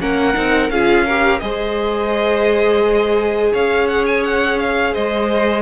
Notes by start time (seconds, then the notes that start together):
0.00 A#3 C#4 A#4 F#5
0.34 C4 D#4
0.70 C#4 F4 G#4 F5
1.06 G4 A#4
1.40 G#3 G#4 C5 D#5
3.53 C#4 C#5 F5
3.88 F#5
4.06 G#5
4.24 F#5
4.59 F5
4.94 G#3 C5 D#5